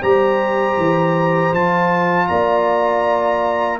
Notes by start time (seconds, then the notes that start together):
0.00 G3 G4 C5 A#5
0.77 E3
1.52 F3 F4 A5
2.27 A#3 D5 A#5